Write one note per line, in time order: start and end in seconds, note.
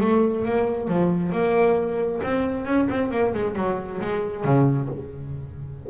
0.00 0.44 A3
0.45 0.87 A#3
0.87 1.32 F3
1.32 2.21 A#3
2.23 2.65 C4
2.65 2.88 C#4
2.89 3.11 C4
3.11 3.33 A#3
3.34 3.55 G#3
3.55 4.00 F#3
4.01 4.44 G#3
4.44 4.88 C#3